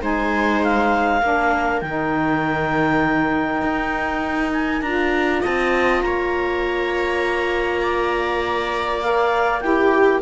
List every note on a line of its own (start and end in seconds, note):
0.00 1.21 G#3
0.00 1.20 D#4
0.00 1.21 C5
0.00 0.63 G#5
0.63 1.80 F5
1.21 1.81 A#3
1.21 1.81 D4
1.21 5.41 A#4
1.80 3.61 D#3
1.80 4.82 D#4
1.80 4.50 G5
3.61 4.81 D#4
4.52 4.81 G#5
4.81 5.41 D4
4.81 9.02 F4
4.81 5.41 A#5
5.41 6.02 C4
5.41 6.01 D#5
5.41 6.01 A5
6.01 10.21 A#3
6.01 7.81 C#5
6.01 9.01 A#5
7.81 9.61 D5
9.01 9.61 A#4
9.01 9.60 F5
9.60 10.21 E4
9.60 10.21 G4
9.60 10.20 G5